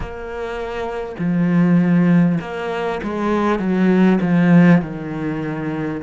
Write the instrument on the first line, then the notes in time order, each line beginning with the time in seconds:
cello
0.00 A#3
1.18 F3
2.40 A#3
3.03 G#3
3.59 F#3
4.21 F3
4.81 D#3